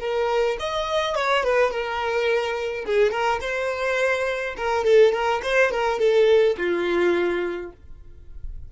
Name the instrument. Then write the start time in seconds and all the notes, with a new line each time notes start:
violin
0.00 A#4
0.59 D#5
1.15 C#5
1.44 B4
1.71 A#4
2.86 G#4
3.11 A#4
3.41 C5
4.57 A#4
4.84 A4
5.12 A#4
5.43 C5
5.71 A#4
5.99 A4
6.58 F4